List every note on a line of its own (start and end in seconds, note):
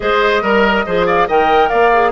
0.00 0.42 G#3
0.00 0.42 G#4
0.00 0.42 C5
0.00 1.06 D#5
0.42 0.85 G3
0.42 0.84 A#4
0.42 0.85 A#4
0.86 1.28 F3
0.86 1.28 G#4
0.86 1.06 C5
1.06 1.27 D5
1.06 1.28 F5
1.27 1.70 D#3
1.27 1.92 A#4
1.27 1.69 D#5
1.27 1.68 G5
1.68 2.11 A#3
1.68 2.11 D5
1.68 2.11 F5
1.93 2.11 G#4